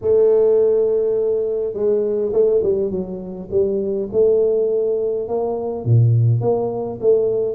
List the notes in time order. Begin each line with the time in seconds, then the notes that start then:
0.01 A3
1.73 G#3
2.32 A3
2.62 G3
2.90 F#3
3.50 G3
4.11 A3
5.28 A#3
5.84 A#2
6.41 A#3
7.00 A3